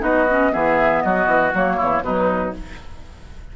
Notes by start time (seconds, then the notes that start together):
0.00 B3 D#4 F#4 D#5
0.31 C#4
0.52 E3 B3 G#4 E5
1.02 F#3 F#4 D#5
1.26 E3
1.54 F#3 A#3 C#5
1.77 E2 E4
2.02 B2 F#3 D#4 B4